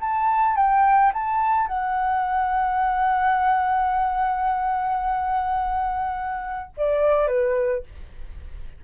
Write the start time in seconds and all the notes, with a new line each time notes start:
0.00 A5
0.56 G5
1.13 A5
1.67 F#5
6.77 D5
7.27 B4